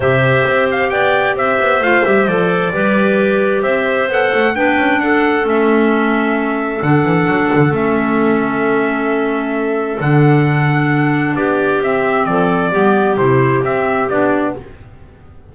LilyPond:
<<
  \new Staff \with { instrumentName = "trumpet" } { \time 4/4 \tempo 4 = 132 e''4. f''8 g''4 e''4 | f''8 e''8 d''2. | e''4 fis''4 g''4 fis''4 | e''2. fis''4~ |
fis''4 e''2.~ | e''2 fis''2~ | fis''4 d''4 e''4 d''4~ | d''4 c''4 e''4 d''4 | }
  \new Staff \with { instrumentName = "clarinet" } { \time 4/4 c''2 d''4 c''4~ | c''2 b'2 | c''2 b'4 a'4~ | a'1~ |
a'1~ | a'1~ | a'4 g'2 a'4 | g'1 | }
  \new Staff \with { instrumentName = "clarinet" } { \time 4/4 g'1 | f'8 g'8 a'4 g'2~ | g'4 a'4 d'2 | cis'2. d'4~ |
d'4 cis'2.~ | cis'2 d'2~ | d'2 c'2 | b4 e'4 c'4 d'4 | }
  \new Staff \with { instrumentName = "double bass" } { \time 4/4 c4 c'4 b4 c'8 b8 | a8 g8 f4 g2 | c'4 b8 a8 b8 cis'8 d'4 | a2. d8 e8 |
fis8 d8 a2.~ | a2 d2~ | d4 b4 c'4 f4 | g4 c4 c'4 b4 | }
>>